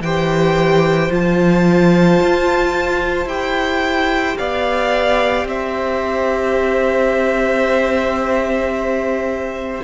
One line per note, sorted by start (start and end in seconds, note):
0.00 1.09 E3
0.00 1.09 G4
0.00 4.38 C5
0.00 1.11 G5
1.09 2.20 F3
1.09 3.27 F4
1.09 3.28 A5
2.21 3.25 F4
3.25 4.35 E4
3.25 9.82 G4
3.25 4.37 G5
4.37 5.44 B3
4.37 5.47 D5
4.37 5.47 F5
5.44 9.80 C4
5.44 9.84 C5
5.44 9.84 E5